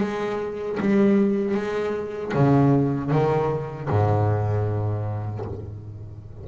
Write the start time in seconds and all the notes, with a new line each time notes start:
0.00 G#3
0.80 G3
1.54 G#3
2.34 C#3
3.10 D#3
3.89 G#2